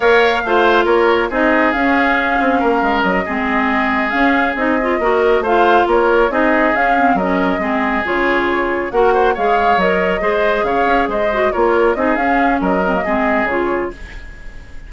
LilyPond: <<
  \new Staff \with { instrumentName = "flute" } { \time 4/4 \tempo 4 = 138 f''2 cis''4 dis''4 | f''2. dis''4~ | dis''4. f''4 dis''4.~ | dis''8 f''4 cis''4 dis''4 f''8~ |
f''8 dis''2 cis''4.~ | cis''8 fis''4 f''4 dis''4.~ | dis''8 f''4 dis''4 cis''4 dis''8 | f''4 dis''2 cis''4 | }
  \new Staff \with { instrumentName = "oboe" } { \time 4/4 cis''4 c''4 ais'4 gis'4~ | gis'2 ais'4. gis'8~ | gis'2.~ gis'8 ais'8~ | ais'8 c''4 ais'4 gis'4.~ |
gis'8 ais'4 gis'2~ gis'8~ | gis'8 ais'8 c''8 cis''2 c''8~ | c''8 cis''4 c''4 ais'4 gis'8~ | gis'4 ais'4 gis'2 | }
  \new Staff \with { instrumentName = "clarinet" } { \time 4/4 ais'4 f'2 dis'4 | cis'2.~ cis'8 c'8~ | c'4. cis'4 dis'8 f'8 fis'8~ | fis'8 f'2 dis'4 cis'8 |
c'8 cis'4 c'4 f'4.~ | f'8 fis'4 gis'4 ais'4 gis'8~ | gis'2 fis'8 f'4 dis'8 | cis'4. c'16 ais16 c'4 f'4 | }
  \new Staff \with { instrumentName = "bassoon" } { \time 4/4 ais4 a4 ais4 c'4 | cis'4. c'8 ais8 gis8 fis8 gis8~ | gis4. cis'4 c'4 ais8~ | ais8 a4 ais4 c'4 cis'8~ |
cis'8 fis4 gis4 cis4.~ | cis8 ais4 gis4 fis4 gis8~ | gis8 cis8 cis'8 gis4 ais4 c'8 | cis'4 fis4 gis4 cis4 | }
>>